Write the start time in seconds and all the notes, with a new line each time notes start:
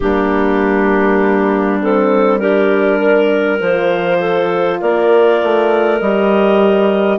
0.00 G3 A#3 D4 G4
1.81 C4 A4
2.38 D4 G4 A#4
2.98 A#4
3.60 F3 F4 C5
4.19 A4
4.79 A#3 A#4 D5
5.42 A3
6.00 G3 G4 D#5